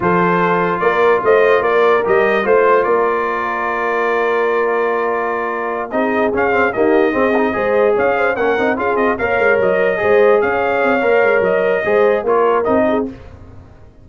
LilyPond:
<<
  \new Staff \with { instrumentName = "trumpet" } { \time 4/4 \tempo 4 = 147 c''2 d''4 dis''4 | d''4 dis''4 c''4 d''4~ | d''1~ | d''2~ d''8 dis''4 f''8~ |
f''8 dis''2. f''8~ | f''8 fis''4 f''8 dis''8 f''4 dis''8~ | dis''4. f''2~ f''8 | dis''2 cis''4 dis''4 | }
  \new Staff \with { instrumentName = "horn" } { \time 4/4 a'2 ais'4 c''4 | ais'2 c''4 ais'4~ | ais'1~ | ais'2~ ais'8 gis'4.~ |
gis'8 g'4 gis'4 c''4 cis''8 | c''8 ais'4 gis'4 cis''4.~ | cis''8 c''4 cis''2~ cis''8~ | cis''4 c''4 ais'4. gis'8 | }
  \new Staff \with { instrumentName = "trombone" } { \time 4/4 f'1~ | f'4 g'4 f'2~ | f'1~ | f'2~ f'8 dis'4 cis'8 |
c'8 ais4 c'8 dis'8 gis'4.~ | gis'8 cis'8 dis'8 f'4 ais'4.~ | ais'8 gis'2~ gis'8 ais'4~ | ais'4 gis'4 f'4 dis'4 | }
  \new Staff \with { instrumentName = "tuba" } { \time 4/4 f2 ais4 a4 | ais4 g4 a4 ais4~ | ais1~ | ais2~ ais8 c'4 cis'8~ |
cis'8 dis'4 c'4 gis4 cis'8~ | cis'8 ais8 c'8 cis'8 c'8 ais8 gis8 fis8~ | fis8 gis4 cis'4 c'8 ais8 gis8 | fis4 gis4 ais4 c'4 | }
>>